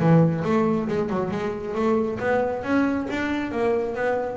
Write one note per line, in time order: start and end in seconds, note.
0.00 0.44 E3
0.45 0.88 A3
0.89 1.10 G#3
1.10 1.32 F#3
1.32 1.75 G#3
1.75 2.19 A3
2.20 2.64 B3
2.64 3.08 C#4
3.11 3.52 D4
3.52 3.96 A#3
3.96 4.37 B3